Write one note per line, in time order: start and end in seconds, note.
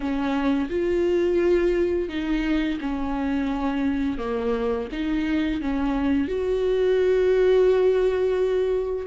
0.00 0.68 C#4
0.69 2.09 F4
2.09 2.78 D#4
2.80 4.18 C#4
4.18 4.87 A#3
4.92 5.61 D#4
5.61 6.28 C#4
6.28 9.06 F#4